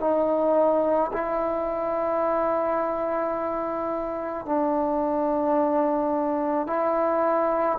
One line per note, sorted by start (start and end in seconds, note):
0.00 1.11 D#4
1.12 4.45 E4
4.45 6.67 D4
6.67 7.78 E4